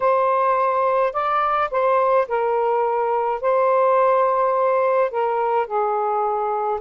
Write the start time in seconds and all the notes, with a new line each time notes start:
0.00 C5
1.13 D5
1.70 C5
2.27 A#4
3.41 C5
5.10 A#4
5.66 G#4